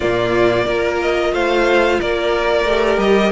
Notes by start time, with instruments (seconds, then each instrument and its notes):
0.00 cello A#2, viola A#3, violin F4 D5
0.64 cello A#3, viola F4, violin A#4
1.01 violin D#5
1.32 cello A3, violin C5 F5
1.99 cello A#3, violin A#4 D5
2.64 cello A3, viola G4
2.97 cello G3, violin D#5